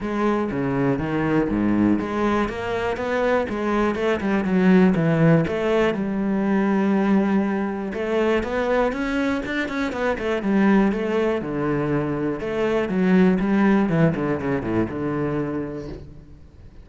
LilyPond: \new Staff \with { instrumentName = "cello" } { \time 4/4 \tempo 4 = 121 gis4 cis4 dis4 gis,4 | gis4 ais4 b4 gis4 | a8 g8 fis4 e4 a4 | g1 |
a4 b4 cis'4 d'8 cis'8 | b8 a8 g4 a4 d4~ | d4 a4 fis4 g4 | e8 d8 cis8 a,8 d2 | }